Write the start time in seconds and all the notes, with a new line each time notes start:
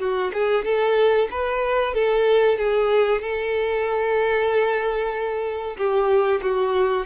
0.00 F#4
0.33 G#4
0.65 A4
1.31 B4
1.94 A4
2.58 G#4
3.22 A4
5.77 G4
6.42 F#4